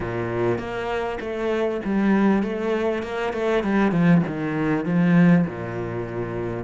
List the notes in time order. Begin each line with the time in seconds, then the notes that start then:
0.00 A#2
0.58 A#3
1.20 A3
1.84 G3
2.42 A3
3.02 A#3
3.33 A3
3.63 G3
3.91 F3
4.27 D#3
4.85 F3
5.46 A#2